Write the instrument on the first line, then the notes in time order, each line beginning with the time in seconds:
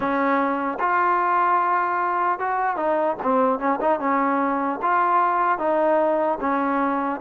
trombone
0.00 C#4
0.79 F4
2.39 F#4
2.76 D#4
3.22 C4
3.59 C#4
3.80 D#4
3.99 C#4
4.82 F4
5.58 D#4
6.40 C#4